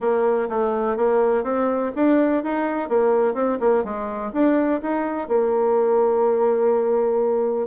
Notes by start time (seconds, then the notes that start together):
0.00 A#3
0.49 A3
0.96 A#3
1.43 C4
1.95 D4
2.43 D#4
2.88 A#3
3.34 C4
3.60 A#3
3.84 G#3
4.32 D4
4.82 D#4
5.28 A#3